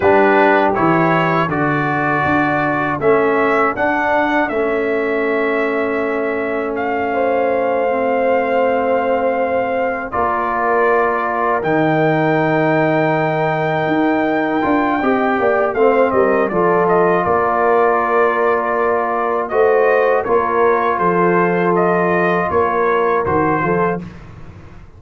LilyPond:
<<
  \new Staff \with { instrumentName = "trumpet" } { \time 4/4 \tempo 4 = 80 b'4 cis''4 d''2 | e''4 fis''4 e''2~ | e''4 f''2.~ | f''4. d''2 g''8~ |
g''1~ | g''4 f''8 dis''8 d''8 dis''8 d''4~ | d''2 dis''4 cis''4 | c''4 dis''4 cis''4 c''4 | }
  \new Staff \with { instrumentName = "horn" } { \time 4/4 g'2 a'2~ | a'1~ | a'4. c''2~ c''8~ | c''4. ais'2~ ais'8~ |
ais'1 | dis''8 d''8 c''8 ais'8 a'4 ais'4~ | ais'2 c''4 ais'4 | a'2 ais'4. a'8 | }
  \new Staff \with { instrumentName = "trombone" } { \time 4/4 d'4 e'4 fis'2 | cis'4 d'4 cis'2~ | cis'2~ cis'8 c'4.~ | c'4. f'2 dis'8~ |
dis'2.~ dis'8 f'8 | g'4 c'4 f'2~ | f'2 fis'4 f'4~ | f'2. fis'8 f'8 | }
  \new Staff \with { instrumentName = "tuba" } { \time 4/4 g4 e4 d4 d'4 | a4 d'4 a2~ | a1~ | a4. ais2 dis8~ |
dis2~ dis8 dis'4 d'8 | c'8 ais8 a8 g8 f4 ais4~ | ais2 a4 ais4 | f2 ais4 dis8 f8 | }
>>